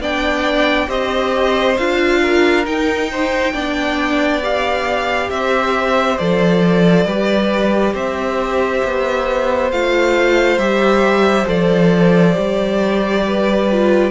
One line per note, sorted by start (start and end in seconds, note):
0.00 0.88 B3
0.00 0.88 D4
0.00 0.89 D5
0.00 0.90 G5
0.88 1.77 C4
0.88 1.76 G4
0.88 2.21 C5
0.88 1.78 D#5
1.78 2.67 D4
1.78 2.65 F4
1.78 2.66 F5
2.22 3.10 A#4
2.65 3.53 D#4
2.65 4.43 G5
3.11 3.53 C5
3.53 5.30 B3
3.53 4.42 D4
3.53 5.30 D5
4.43 6.19 G4
4.43 5.31 F5
5.30 6.19 C4
5.30 7.07 C5
5.30 6.18 E5
6.18 7.06 F3
6.18 7.08 A4
6.18 7.95 D5
7.06 7.94 G3
7.06 9.72 G4
7.06 7.94 B4
7.94 8.82 C4
7.94 13.24 C5
7.94 9.72 E5
8.84 9.72 B3
9.72 10.58 A3
9.72 10.60 F4
9.72 10.58 F5
10.58 11.47 G3
10.58 11.46 G4
10.58 11.47 E5
11.46 12.36 F3
11.46 12.34 A4
11.46 14.11 D5
12.34 14.11 G3
12.34 13.67 G4
13.27 14.11 B4
13.72 14.11 F4